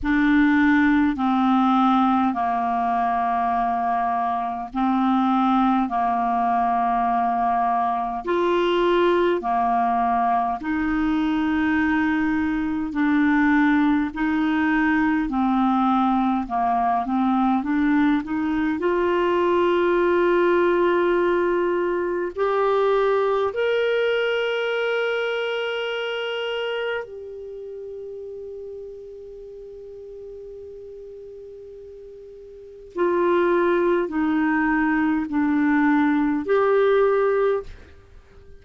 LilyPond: \new Staff \with { instrumentName = "clarinet" } { \time 4/4 \tempo 4 = 51 d'4 c'4 ais2 | c'4 ais2 f'4 | ais4 dis'2 d'4 | dis'4 c'4 ais8 c'8 d'8 dis'8 |
f'2. g'4 | ais'2. g'4~ | g'1 | f'4 dis'4 d'4 g'4 | }